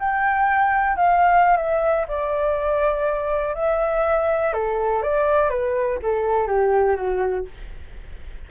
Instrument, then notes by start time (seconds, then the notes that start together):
flute
0.00 G5
0.97 F5
1.57 E5
2.08 D5
3.55 E5
4.54 A4
5.03 D5
5.50 B4
6.03 A4
6.48 G4
6.97 F#4